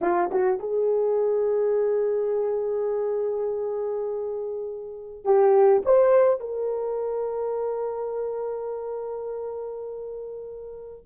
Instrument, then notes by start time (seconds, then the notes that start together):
horn
0.01 F4
0.31 F#4
0.59 G#4
5.24 G4
5.85 C5
6.39 A#4